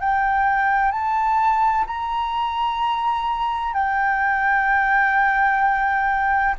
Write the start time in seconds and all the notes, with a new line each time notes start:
0.00 G5
0.92 A5
1.87 A#5
3.74 G5